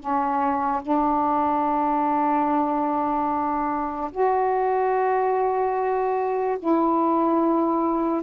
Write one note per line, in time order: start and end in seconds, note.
0.00 0.82 C#4
0.83 4.11 D4
4.12 6.58 F#4
6.59 8.23 E4